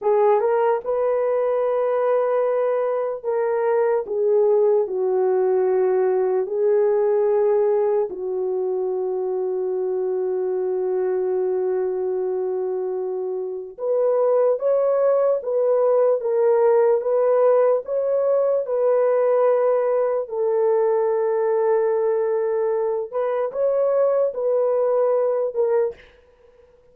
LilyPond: \new Staff \with { instrumentName = "horn" } { \time 4/4 \tempo 4 = 74 gis'8 ais'8 b'2. | ais'4 gis'4 fis'2 | gis'2 fis'2~ | fis'1~ |
fis'4 b'4 cis''4 b'4 | ais'4 b'4 cis''4 b'4~ | b'4 a'2.~ | a'8 b'8 cis''4 b'4. ais'8 | }